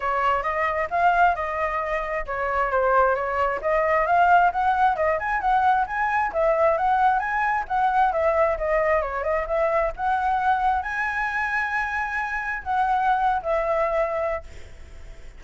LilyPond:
\new Staff \with { instrumentName = "flute" } { \time 4/4 \tempo 4 = 133 cis''4 dis''4 f''4 dis''4~ | dis''4 cis''4 c''4 cis''4 | dis''4 f''4 fis''4 dis''8 gis''8 | fis''4 gis''4 e''4 fis''4 |
gis''4 fis''4 e''4 dis''4 | cis''8 dis''8 e''4 fis''2 | gis''1 | fis''4.~ fis''16 e''2~ e''16 | }